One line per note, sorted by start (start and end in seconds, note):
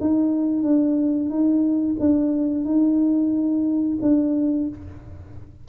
0.00 0.63 D#4
0.63 1.29 D4
1.29 1.96 D#4
1.99 2.65 D4
2.65 3.98 D#4
4.01 4.68 D4